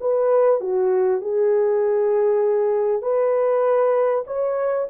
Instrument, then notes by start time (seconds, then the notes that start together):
horn
0.00 B4
0.60 F#4
1.21 G#4
3.02 B4
4.26 C#5